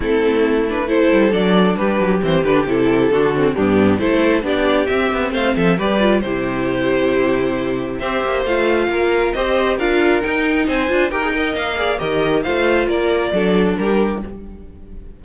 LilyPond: <<
  \new Staff \with { instrumentName = "violin" } { \time 4/4 \tempo 4 = 135 a'4. b'8 c''4 d''4 | b'4 c''8 b'8 a'2 | g'4 c''4 d''4 e''4 | f''8 e''8 d''4 c''2~ |
c''2 e''4 f''4~ | f''4 dis''4 f''4 g''4 | gis''4 g''4 f''4 dis''4 | f''4 d''2 ais'4 | }
  \new Staff \with { instrumentName = "violin" } { \time 4/4 e'2 a'2 | g'2. fis'4 | d'4 a'4 g'2 | c''8 a'8 b'4 g'2~ |
g'2 c''2 | ais'4 c''4 ais'2 | c''4 ais'8 dis''4 d''8 ais'4 | c''4 ais'4 a'4 g'4 | }
  \new Staff \with { instrumentName = "viola" } { \time 4/4 c'4. d'8 e'4 d'4~ | d'4 c'8 d'8 e'4 d'8 c'8 | b4 e'4 d'4 c'4~ | c'4 g'8 f'8 e'2~ |
e'2 g'4 f'4~ | f'4 g'4 f'4 dis'4~ | dis'8 f'8 g'16 gis'16 ais'4 gis'8 g'4 | f'2 d'2 | }
  \new Staff \with { instrumentName = "cello" } { \time 4/4 a2~ a8 g8 fis4 | g8 fis8 e8 d8 c4 d4 | g,4 a4 b4 c'8 b8 | a8 f8 g4 c2~ |
c2 c'8 ais8 a4 | ais4 c'4 d'4 dis'4 | c'8 d'8 dis'4 ais4 dis4 | a4 ais4 fis4 g4 | }
>>